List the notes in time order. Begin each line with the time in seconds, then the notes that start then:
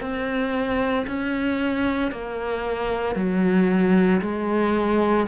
0.00 C4
1.07 C#4
2.11 A#3
3.15 F#3
4.21 G#3